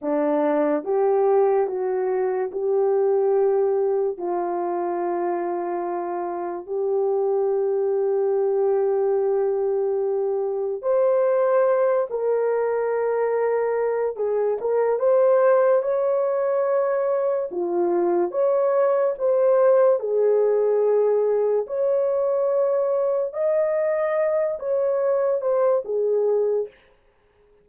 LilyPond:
\new Staff \with { instrumentName = "horn" } { \time 4/4 \tempo 4 = 72 d'4 g'4 fis'4 g'4~ | g'4 f'2. | g'1~ | g'4 c''4. ais'4.~ |
ais'4 gis'8 ais'8 c''4 cis''4~ | cis''4 f'4 cis''4 c''4 | gis'2 cis''2 | dis''4. cis''4 c''8 gis'4 | }